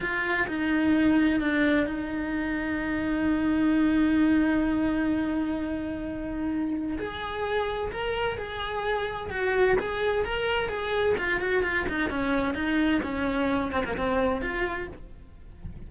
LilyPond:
\new Staff \with { instrumentName = "cello" } { \time 4/4 \tempo 4 = 129 f'4 dis'2 d'4 | dis'1~ | dis'1~ | dis'2. gis'4~ |
gis'4 ais'4 gis'2 | fis'4 gis'4 ais'4 gis'4 | f'8 fis'8 f'8 dis'8 cis'4 dis'4 | cis'4. c'16 ais16 c'4 f'4 | }